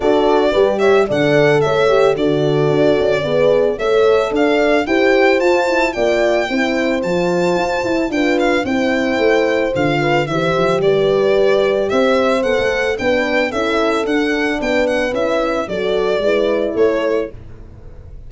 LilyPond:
<<
  \new Staff \with { instrumentName = "violin" } { \time 4/4 \tempo 4 = 111 d''4. e''8 fis''4 e''4 | d''2. e''4 | f''4 g''4 a''4 g''4~ | g''4 a''2 g''8 f''8 |
g''2 f''4 e''4 | d''2 e''4 fis''4 | g''4 e''4 fis''4 g''8 fis''8 | e''4 d''2 cis''4 | }
  \new Staff \with { instrumentName = "horn" } { \time 4/4 a'4 b'8 cis''8 d''4 cis''4 | a'2 b'4 cis''4 | d''4 c''2 d''4 | c''2. b'4 |
c''2~ c''8 b'8 c''4 | b'2 c''2 | b'4 a'2 b'4~ | b'4 a'4 b'4 a'4 | }
  \new Staff \with { instrumentName = "horn" } { \time 4/4 fis'4 g'4 a'4. g'8 | fis'2 gis'4 a'4~ | a'4 g'4 f'8 e'8 f'4 | e'4 f'4. e'8 f'4 |
e'2 f'4 g'4~ | g'2. a'4 | d'4 e'4 d'2 | e'4 fis'4 e'2 | }
  \new Staff \with { instrumentName = "tuba" } { \time 4/4 d'4 g4 d4 a4 | d4 d'8 cis'8 b4 a4 | d'4 e'4 f'4 ais4 | c'4 f4 f'8 e'8 d'4 |
c'4 a4 d4 e8 f8 | g2 c'4 b16 a8. | b4 cis'4 d'4 b4 | cis'4 fis4 gis4 a4 | }
>>